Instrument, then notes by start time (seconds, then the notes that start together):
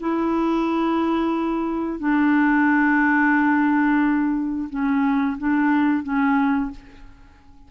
clarinet
0.00 E4
1.99 D4
4.70 C#4
5.38 D4
6.03 C#4